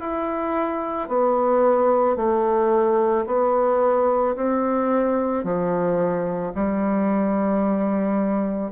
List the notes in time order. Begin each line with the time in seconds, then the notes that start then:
0.00 E4
1.09 B3
2.16 A3
3.26 B3
4.36 C4
5.44 F3
6.55 G3